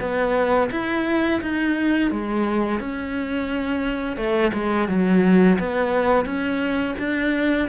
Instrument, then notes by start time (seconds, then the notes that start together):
cello
0.00 B3
0.71 E4
1.42 D#4
2.11 G#3
2.80 C#4
4.17 A3
4.54 G#3
4.89 F#3
5.59 B3
6.25 C#4
6.99 D4